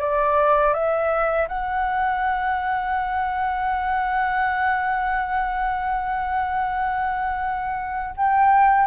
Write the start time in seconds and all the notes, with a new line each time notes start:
0.00 D5
0.74 E5
1.48 F#5
8.16 G5